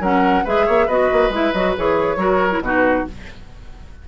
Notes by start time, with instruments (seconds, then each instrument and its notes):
0.00 bassoon F#3, clarinet C#4, oboe A#4, flute F#5
0.45 bassoon G#3, clarinet G#4, oboe B4, flute E5
0.66 bassoon A#3, oboe C#5
0.86 bassoon B3, clarinet F#4, oboe B4, flute D#5
1.13 bassoon A#3
1.30 bassoon G#3, clarinet E4
1.36 flute E5
1.53 bassoon F#3, clarinet F#4, flute D#5
1.77 bassoon E3, clarinet G#4, flute C#5
2.17 bassoon F#3, clarinet F#4, oboe A#4
2.52 clarinet E4
2.61 bassoon B2, clarinet D#4, oboe F#4, flute B4